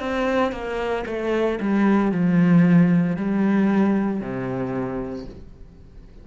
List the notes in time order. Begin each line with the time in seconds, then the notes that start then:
0.00 C4
0.52 A#3
1.06 A3
1.60 G3
2.11 F3
3.16 G3
4.21 C3